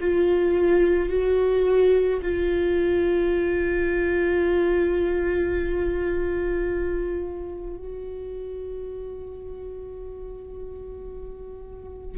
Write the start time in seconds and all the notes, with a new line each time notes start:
0.00 F4
1.09 F#4
2.22 F4
7.77 F#4